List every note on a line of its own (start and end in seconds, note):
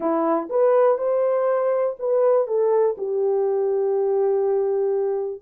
0.00 0.48 E4
0.49 0.97 B4
0.97 1.96 C5
1.99 2.47 B4
2.47 2.96 A4
2.97 5.41 G4